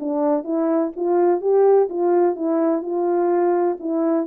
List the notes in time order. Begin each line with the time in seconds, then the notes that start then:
0.00 D4
0.44 E4
0.96 F4
1.41 G4
1.90 F4
2.36 E4
2.82 F4
3.80 E4